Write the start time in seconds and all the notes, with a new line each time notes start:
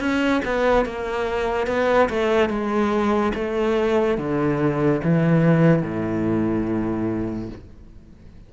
0.00 C#4
0.45 B3
0.86 A#3
1.67 B3
2.10 A3
2.50 G#3
3.35 A3
4.18 D3
5.04 E3
5.83 A2